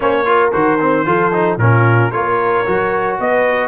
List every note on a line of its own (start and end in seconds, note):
0.00 0.53 A#3
0.00 0.25 C#4
0.00 0.24 C5
0.00 0.50 C#5
0.25 0.52 F4
0.25 1.05 A#4
0.52 1.06 D#3
0.52 0.79 F#4
0.52 1.58 C5
0.80 1.05 C4
1.05 1.57 F3
1.05 1.32 F4
1.05 1.59 A4
1.32 1.59 D#4
1.57 2.10 A#2
1.57 2.12 C#4
1.57 2.12 F4
1.57 2.11 A#4
2.11 2.65 A#3
2.11 2.65 F4
2.11 3.18 A#4
2.11 3.17 C#5
2.66 3.19 F#3
2.66 3.67 F#4
3.19 3.67 B3
3.19 3.67 B4
3.19 3.67 D#5